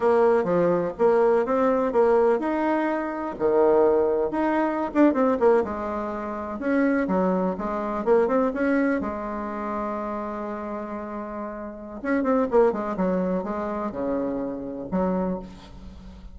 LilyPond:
\new Staff \with { instrumentName = "bassoon" } { \time 4/4 \tempo 4 = 125 ais4 f4 ais4 c'4 | ais4 dis'2 dis4~ | dis4 dis'4~ dis'16 d'8 c'8 ais8 gis16~ | gis4.~ gis16 cis'4 fis4 gis16~ |
gis8. ais8 c'8 cis'4 gis4~ gis16~ | gis1~ | gis4 cis'8 c'8 ais8 gis8 fis4 | gis4 cis2 fis4 | }